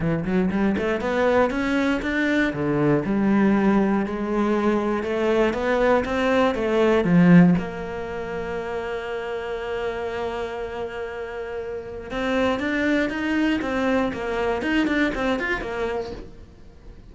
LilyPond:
\new Staff \with { instrumentName = "cello" } { \time 4/4 \tempo 4 = 119 e8 fis8 g8 a8 b4 cis'4 | d'4 d4 g2 | gis2 a4 b4 | c'4 a4 f4 ais4~ |
ais1~ | ais1 | c'4 d'4 dis'4 c'4 | ais4 dis'8 d'8 c'8 f'8 ais4 | }